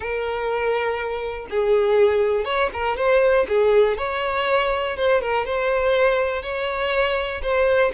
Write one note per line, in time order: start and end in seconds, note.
0.00 1.47 A#4
1.50 2.44 G#4
2.44 2.69 C#5
2.73 2.96 A#4
2.96 3.46 C5
3.48 3.97 G#4
3.97 4.97 C#5
4.97 5.21 C5
5.21 5.45 A#4
5.45 6.42 C5
6.42 7.41 C#5
7.42 7.92 C5